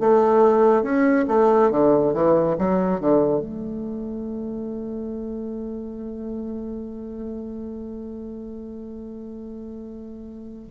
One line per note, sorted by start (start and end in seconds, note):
0.00 0.83 A3
0.83 1.25 C#4
1.28 1.71 A3
1.71 2.14 D3
2.14 2.56 E3
2.58 3.00 F#3
3.00 3.40 D3
3.40 10.68 A3